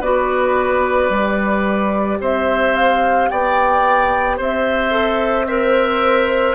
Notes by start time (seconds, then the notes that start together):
0.00 B3 F#4 B4 D5
1.09 G3 G4
2.20 C4 C5 E5
2.76 F5
3.29 B3 D5 G5
4.37 C4 C5 E5
4.91 A4
5.46 A#4 C5 E5